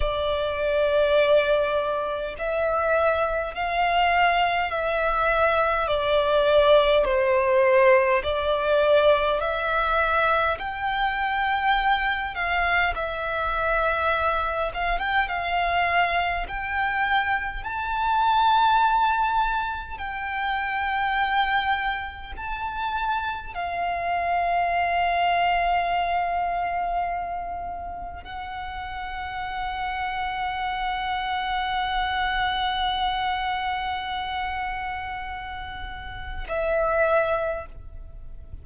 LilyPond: \new Staff \with { instrumentName = "violin" } { \time 4/4 \tempo 4 = 51 d''2 e''4 f''4 | e''4 d''4 c''4 d''4 | e''4 g''4. f''8 e''4~ | e''8 f''16 g''16 f''4 g''4 a''4~ |
a''4 g''2 a''4 | f''1 | fis''1~ | fis''2. e''4 | }